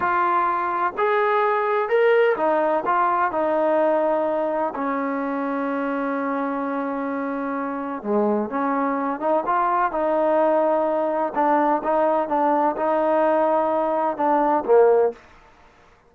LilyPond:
\new Staff \with { instrumentName = "trombone" } { \time 4/4 \tempo 4 = 127 f'2 gis'2 | ais'4 dis'4 f'4 dis'4~ | dis'2 cis'2~ | cis'1~ |
cis'4 gis4 cis'4. dis'8 | f'4 dis'2. | d'4 dis'4 d'4 dis'4~ | dis'2 d'4 ais4 | }